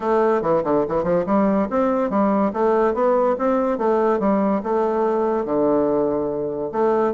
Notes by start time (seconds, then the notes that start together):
0.00 A3
0.42 E3
0.64 D3
0.88 E3
1.03 F3
1.26 G3
1.70 C4
2.09 G3
2.53 A3
2.94 B3
3.38 C4
3.78 A3
4.19 G3
4.63 A3
5.45 D3
6.72 A3